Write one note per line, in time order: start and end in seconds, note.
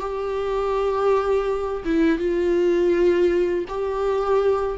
0.00 1.83 G4
1.85 2.19 E4
2.19 3.65 F4
3.68 4.78 G4